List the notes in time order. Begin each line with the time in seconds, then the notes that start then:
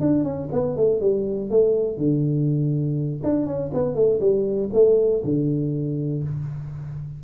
0.00 D4
0.23 C#4
0.52 B3
0.76 A3
1.01 G3
1.50 A3
1.97 D3
3.23 D4
3.46 C#4
3.73 B3
3.94 A3
4.20 G3
4.73 A3
5.24 D3